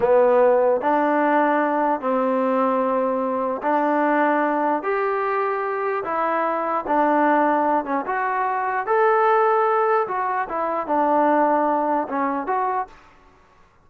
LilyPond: \new Staff \with { instrumentName = "trombone" } { \time 4/4 \tempo 4 = 149 b2 d'2~ | d'4 c'2.~ | c'4 d'2. | g'2. e'4~ |
e'4 d'2~ d'8 cis'8 | fis'2 a'2~ | a'4 fis'4 e'4 d'4~ | d'2 cis'4 fis'4 | }